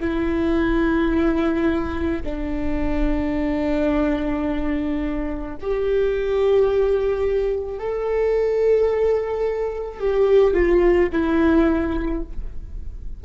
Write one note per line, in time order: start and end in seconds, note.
0.00 2.22 E4
2.23 5.56 D4
5.60 7.79 G4
7.79 9.99 A4
9.99 10.54 G4
10.54 11.09 F4
11.12 12.23 E4